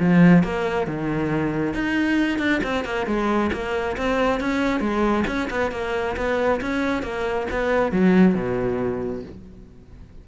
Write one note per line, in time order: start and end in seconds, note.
0.00 0.44 F3
0.44 0.87 A#3
0.87 1.74 D#3
1.74 2.39 D#4
2.39 2.61 D4
2.64 2.85 C4
2.85 3.07 A#3
3.07 3.51 G#3
3.53 3.97 A#3
3.97 4.40 C4
4.40 4.80 C#4
4.80 5.24 G#3
5.27 5.49 C#4
5.50 5.72 B3
5.72 6.16 A#3
6.17 6.61 B3
6.61 7.02 C#4
7.02 7.47 A#3
7.51 7.92 B3
7.92 8.35 F#3
8.35 9.23 B2